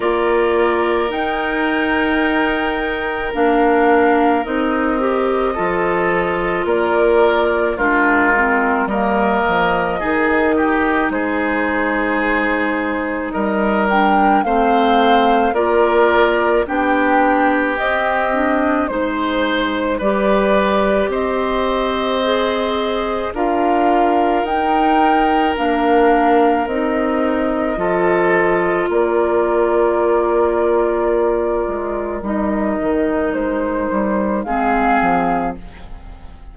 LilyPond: <<
  \new Staff \with { instrumentName = "flute" } { \time 4/4 \tempo 4 = 54 d''4 g''2 f''4 | dis''2 d''4 ais'4 | dis''2 c''2 | dis''8 g''8 f''4 d''4 g''4 |
dis''4 c''4 d''4 dis''4~ | dis''4 f''4 g''4 f''4 | dis''2 d''2~ | d''4 dis''4 c''4 f''4 | }
  \new Staff \with { instrumentName = "oboe" } { \time 4/4 ais'1~ | ais'4 a'4 ais'4 f'4 | ais'4 gis'8 g'8 gis'2 | ais'4 c''4 ais'4 g'4~ |
g'4 c''4 b'4 c''4~ | c''4 ais'2.~ | ais'4 a'4 ais'2~ | ais'2. gis'4 | }
  \new Staff \with { instrumentName = "clarinet" } { \time 4/4 f'4 dis'2 d'4 | dis'8 g'8 f'2 d'8 c'8 | ais4 dis'2.~ | dis'8 d'8 c'4 f'4 d'4 |
c'8 d'8 dis'4 g'2 | gis'4 f'4 dis'4 d'4 | dis'4 f'2.~ | f'4 dis'2 c'4 | }
  \new Staff \with { instrumentName = "bassoon" } { \time 4/4 ais4 dis'2 ais4 | c'4 f4 ais4 gis4 | g8 f8 dis4 gis2 | g4 a4 ais4 b4 |
c'4 gis4 g4 c'4~ | c'4 d'4 dis'4 ais4 | c'4 f4 ais2~ | ais8 gis8 g8 dis8 gis8 g8 gis8 f8 | }
>>